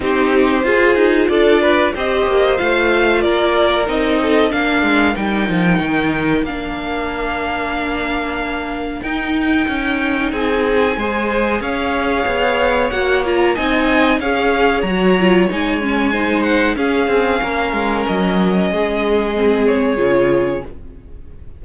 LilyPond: <<
  \new Staff \with { instrumentName = "violin" } { \time 4/4 \tempo 4 = 93 c''2 d''4 dis''4 | f''4 d''4 dis''4 f''4 | g''2 f''2~ | f''2 g''2 |
gis''2 f''2 | fis''8 ais''8 gis''4 f''4 ais''4 | gis''4. fis''8 f''2 | dis''2~ dis''8 cis''4. | }
  \new Staff \with { instrumentName = "violin" } { \time 4/4 g'4 gis'4 a'8 b'8 c''4~ | c''4 ais'4. a'8 ais'4~ | ais'1~ | ais'1 |
gis'4 c''4 cis''2~ | cis''4 dis''4 cis''2~ | cis''4 c''4 gis'4 ais'4~ | ais'4 gis'2. | }
  \new Staff \with { instrumentName = "viola" } { \time 4/4 dis'4 f'2 g'4 | f'2 dis'4 d'4 | dis'2 d'2~ | d'2 dis'2~ |
dis'4 gis'2. | fis'8 f'8 dis'4 gis'4 fis'8 f'8 | dis'8 cis'8 dis'4 cis'2~ | cis'2 c'4 f'4 | }
  \new Staff \with { instrumentName = "cello" } { \time 4/4 c'4 f'8 dis'8 d'4 c'8 ais8 | a4 ais4 c'4 ais8 gis8 | g8 f8 dis4 ais2~ | ais2 dis'4 cis'4 |
c'4 gis4 cis'4 b4 | ais4 c'4 cis'4 fis4 | gis2 cis'8 c'8 ais8 gis8 | fis4 gis2 cis4 | }
>>